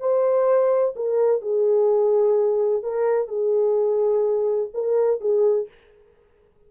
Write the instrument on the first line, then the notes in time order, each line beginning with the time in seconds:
horn
0.00 C5
0.96 A#4
1.42 G#4
2.83 A#4
3.28 G#4
4.74 A#4
5.21 G#4